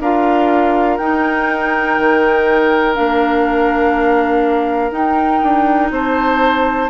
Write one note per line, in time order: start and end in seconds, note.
0.00 0.98 D4
0.00 1.00 F4
0.00 5.92 A#4
0.00 0.97 F5
0.97 1.98 D#4
0.97 2.95 D#4
0.97 2.94 G5
1.98 2.97 D#3
2.95 4.91 A#3
2.95 4.91 D4
2.95 4.92 F5
4.91 5.40 D#4
4.91 6.89 D#4
4.91 5.91 G5
5.43 5.91 D4
5.91 6.89 C4
5.91 6.90 C5
5.91 6.90 A5